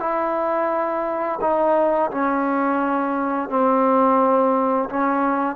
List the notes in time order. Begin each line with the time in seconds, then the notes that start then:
0.00 E4
1.41 D#4
2.11 C#4
3.50 C4
4.90 C#4